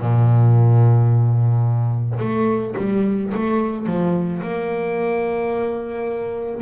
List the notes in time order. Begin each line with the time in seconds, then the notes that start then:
0.00 A#2
2.20 A3
2.78 G3
3.34 A3
3.87 F3
4.43 A#3